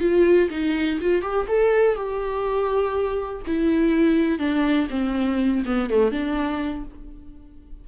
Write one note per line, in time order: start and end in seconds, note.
0.00 0.49 F4
0.50 0.99 D#4
1.00 1.22 F4
1.22 1.46 G4
1.47 1.95 A4
1.95 3.41 G4
3.46 4.38 E4
4.38 4.87 D4
4.90 5.63 C4
5.65 5.90 B3
5.90 6.11 A3
6.11 6.84 D4